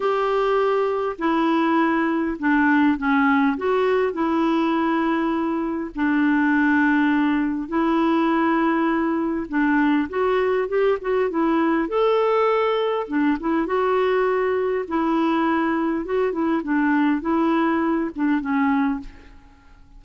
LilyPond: \new Staff \with { instrumentName = "clarinet" } { \time 4/4 \tempo 4 = 101 g'2 e'2 | d'4 cis'4 fis'4 e'4~ | e'2 d'2~ | d'4 e'2. |
d'4 fis'4 g'8 fis'8 e'4 | a'2 d'8 e'8 fis'4~ | fis'4 e'2 fis'8 e'8 | d'4 e'4. d'8 cis'4 | }